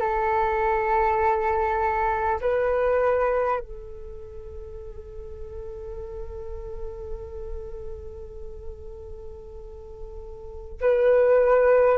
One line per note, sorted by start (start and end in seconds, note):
0.00 2.40 A4
2.41 3.60 B4
3.60 10.80 A4
10.81 11.98 B4